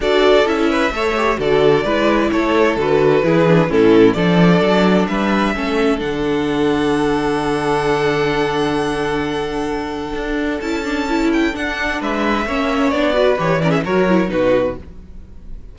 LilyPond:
<<
  \new Staff \with { instrumentName = "violin" } { \time 4/4 \tempo 4 = 130 d''4 e''2 d''4~ | d''4 cis''4 b'2 | a'4 d''2 e''4~ | e''4 fis''2.~ |
fis''1~ | fis''2. a''4~ | a''8 g''8 fis''4 e''2 | d''4 cis''8 d''16 e''16 cis''4 b'4 | }
  \new Staff \with { instrumentName = "violin" } { \time 4/4 a'4. b'8 cis''4 a'4 | b'4 a'2 gis'4 | e'4 a'2 b'4 | a'1~ |
a'1~ | a'1~ | a'2 b'4 cis''4~ | cis''8 b'4 ais'16 gis'16 ais'4 fis'4 | }
  \new Staff \with { instrumentName = "viola" } { \time 4/4 fis'4 e'4 a'8 g'8 fis'4 | e'2 fis'4 e'8 d'8 | cis'4 d'2. | cis'4 d'2.~ |
d'1~ | d'2. e'8 d'8 | e'4 d'2 cis'4 | d'8 fis'8 g'8 cis'8 fis'8 e'8 dis'4 | }
  \new Staff \with { instrumentName = "cello" } { \time 4/4 d'4 cis'4 a4 d4 | gis4 a4 d4 e4 | a,4 f4 fis4 g4 | a4 d2.~ |
d1~ | d2 d'4 cis'4~ | cis'4 d'4 gis4 ais4 | b4 e4 fis4 b,4 | }
>>